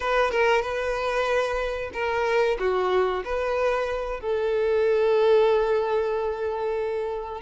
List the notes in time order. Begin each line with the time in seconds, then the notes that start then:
0.00 B4
0.31 A#4
0.61 B4
1.93 A#4
2.59 F#4
3.24 B4
4.20 A4